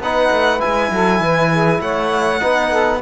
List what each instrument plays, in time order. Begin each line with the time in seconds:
0.00 cello B3, trombone D#4, saxophone B4, violin F#5
0.31 cello A3
0.59 trombone E4, violin G#5
0.66 cello G#3
0.92 cello F#3, saxophone A4
1.20 cello E3, saxophone B4
1.53 saxophone G#4
1.81 cello A3, saxophone C#5, violin F#5
2.40 cello B3, trombone D#4, saxophone B4
2.70 saxophone A4